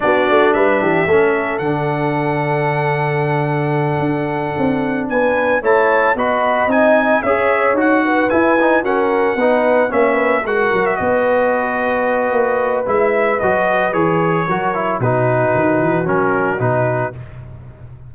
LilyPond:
<<
  \new Staff \with { instrumentName = "trumpet" } { \time 4/4 \tempo 4 = 112 d''4 e''2 fis''4~ | fis''1~ | fis''4. gis''4 a''4 b''8~ | b''8 gis''4 e''4 fis''4 gis''8~ |
gis''8 fis''2 e''4 fis''8~ | fis''16 e''16 dis''2.~ dis''8 | e''4 dis''4 cis''2 | b'2 ais'4 b'4 | }
  \new Staff \with { instrumentName = "horn" } { \time 4/4 fis'4 b'8 g'8 a'2~ | a'1~ | a'4. b'4 cis''4 dis''8~ | dis''4. cis''4. b'4~ |
b'8 ais'4 b'4 cis''8 b'8 ais'8~ | ais'8 b'2.~ b'8~ | b'2. ais'4 | fis'1 | }
  \new Staff \with { instrumentName = "trombone" } { \time 4/4 d'2 cis'4 d'4~ | d'1~ | d'2~ d'8 e'4 fis'8~ | fis'8 dis'4 gis'4 fis'4 e'8 |
dis'8 cis'4 dis'4 cis'4 fis'8~ | fis'1 | e'4 fis'4 gis'4 fis'8 e'8 | dis'2 cis'4 dis'4 | }
  \new Staff \with { instrumentName = "tuba" } { \time 4/4 b8 a8 g8 e8 a4 d4~ | d2.~ d8 d'8~ | d'8 c'4 b4 a4 b8~ | b8 c'4 cis'4 dis'4 e'8~ |
e'8 fis'4 b4 ais4 gis8 | fis8 b2~ b8 ais4 | gis4 fis4 e4 fis4 | b,4 dis8 e8 fis4 b,4 | }
>>